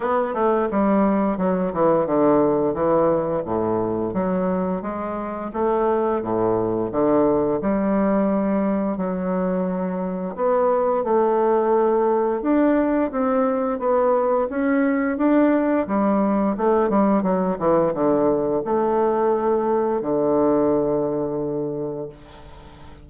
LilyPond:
\new Staff \with { instrumentName = "bassoon" } { \time 4/4 \tempo 4 = 87 b8 a8 g4 fis8 e8 d4 | e4 a,4 fis4 gis4 | a4 a,4 d4 g4~ | g4 fis2 b4 |
a2 d'4 c'4 | b4 cis'4 d'4 g4 | a8 g8 fis8 e8 d4 a4~ | a4 d2. | }